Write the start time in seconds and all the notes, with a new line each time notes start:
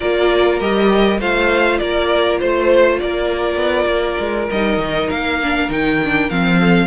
0.00 A#3 F4 A#4 D5
0.60 G3 G4 D#5
1.19 A3 F4 C5 F5
1.78 A#3 A#4 D5
2.39 A3 C5
2.99 A#3 A#4 D5
3.56 B3
3.86 A#3
4.19 G#3
4.50 G3 D#4 D#5
4.77 D#3
5.10 A#3 F5
5.42 D4
5.69 D#3 D#4 G5
6.04 D4
6.29 F3 C4 F5
6.58 A4